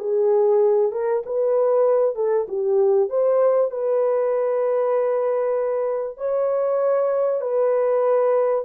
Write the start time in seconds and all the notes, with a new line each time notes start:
0.00 G#4
0.93 A#4
1.26 B4
2.16 A4
2.49 G4
3.10 C5
3.71 B4
6.18 C#5
7.41 B4